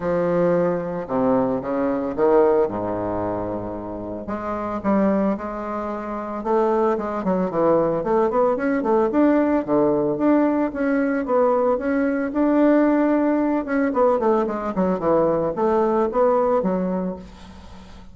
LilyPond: \new Staff \with { instrumentName = "bassoon" } { \time 4/4 \tempo 4 = 112 f2 c4 cis4 | dis4 gis,2. | gis4 g4 gis2 | a4 gis8 fis8 e4 a8 b8 |
cis'8 a8 d'4 d4 d'4 | cis'4 b4 cis'4 d'4~ | d'4. cis'8 b8 a8 gis8 fis8 | e4 a4 b4 fis4 | }